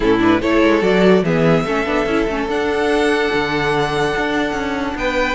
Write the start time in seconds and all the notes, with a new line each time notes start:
0.00 A2 C#4 E4 A4
0.19 D4 B4
0.41 A3 E4 A4 C#5
0.63 G#3
0.81 F#3 F#4 D5
1.22 E3 B3 G#4 E5
1.65 A3 C#4 A4
1.86 B3 D4
2.05 C#4 E4
2.27 A3 C#4
2.47 D4 F#5
3.33 D3
4.16 D4
4.52 C#4
4.95 B3 B4 G5